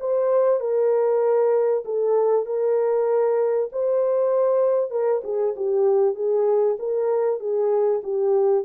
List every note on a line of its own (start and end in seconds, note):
0.00 0.60 C5
0.60 1.84 A#4
1.85 2.46 A4
2.46 3.70 A#4
3.72 4.91 C5
4.91 5.22 A#4
5.24 5.55 G#4
5.56 6.15 G4
6.15 6.77 G#4
6.79 7.40 A#4
7.40 8.02 G#4
8.04 8.65 G4